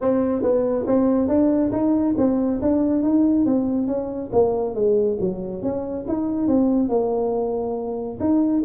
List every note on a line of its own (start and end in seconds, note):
0.01 0.42 C4
0.42 0.85 B3
0.86 1.28 C4
1.28 1.71 D4
1.71 2.15 D#4
2.17 2.61 C4
2.61 3.03 D4
3.03 3.45 D#4
3.45 3.87 C4
3.87 4.30 C#4
4.32 4.74 A#3
4.74 5.18 G#3
5.20 5.62 F#3
5.62 6.05 C#4
6.07 6.47 D#4
6.47 6.88 C4
6.88 8.18 A#3
8.19 8.63 D#4